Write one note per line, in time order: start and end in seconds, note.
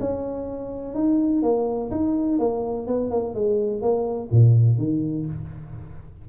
0.00 0.95 C#4
0.95 1.42 D#4
1.42 1.90 A#3
1.91 2.39 D#4
2.39 2.87 A#3
2.87 3.11 B3
3.11 3.35 A#3
3.35 3.82 G#3
3.82 4.30 A#3
4.31 4.78 A#2
4.78 5.26 D#3